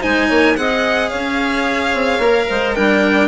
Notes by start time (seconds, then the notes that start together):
0.00 G#3 D#4 C5 G#5
0.29 A#3 C#5
0.57 C4 G#4 D#5 F#5
1.10 C#4 C#5 F5
1.94 C4
2.19 A#3 A#4
2.49 G#3 C5
2.75 G3 D4 A#4 G5